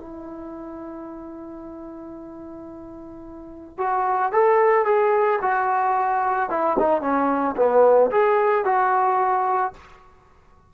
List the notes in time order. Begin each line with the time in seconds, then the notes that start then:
0.00 E4
3.78 F#4
4.32 A4
4.85 G#4
5.42 F#4
6.50 E4
6.79 D#4
7.01 C#4
7.57 B3
8.11 G#4
8.65 F#4